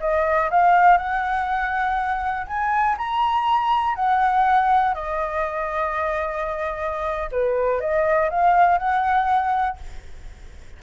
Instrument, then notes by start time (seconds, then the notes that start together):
flute
0.00 D#5
0.50 F5
0.98 F#5
2.47 G#5
2.98 A#5
3.95 F#5
4.95 D#5
7.32 B4
7.80 D#5
8.30 F5
8.78 F#5